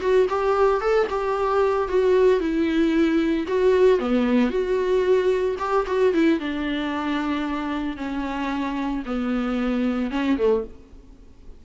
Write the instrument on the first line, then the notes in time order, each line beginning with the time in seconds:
viola
0.00 F#4
0.29 G4
0.81 A4
1.09 G4
1.88 F#4
2.40 E4
3.48 F#4
3.99 B3
4.50 F#4
5.59 G4
5.87 F#4
6.13 E4
6.39 D4
7.97 C#4
9.05 B3
10.11 C#4
10.37 A3